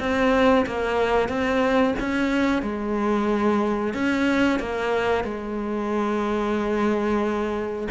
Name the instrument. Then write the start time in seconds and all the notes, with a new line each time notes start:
cello
0.00 C4
0.67 A#3
1.29 C4
2.00 C#4
2.63 G#3
3.94 C#4
4.60 A#3
5.24 G#3